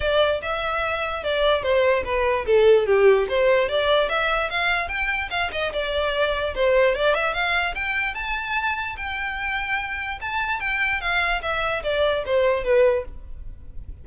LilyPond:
\new Staff \with { instrumentName = "violin" } { \time 4/4 \tempo 4 = 147 d''4 e''2 d''4 | c''4 b'4 a'4 g'4 | c''4 d''4 e''4 f''4 | g''4 f''8 dis''8 d''2 |
c''4 d''8 e''8 f''4 g''4 | a''2 g''2~ | g''4 a''4 g''4 f''4 | e''4 d''4 c''4 b'4 | }